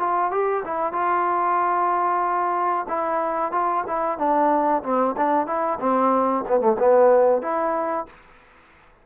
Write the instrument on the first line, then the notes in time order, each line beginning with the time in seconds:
trombone
0.00 F4
0.32 G4
0.65 E4
0.93 F4
2.89 E4
3.52 F4
3.88 E4
4.19 D4
4.84 C4
5.18 D4
5.47 E4
5.80 C4
6.49 B3
6.61 A3
6.80 B3
7.42 E4